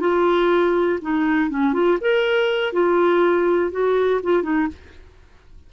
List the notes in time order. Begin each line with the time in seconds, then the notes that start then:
0.00 F4
1.02 D#4
1.50 C#4
1.73 F4
2.01 A#4
2.73 F4
3.71 F#4
4.23 F4
4.43 D#4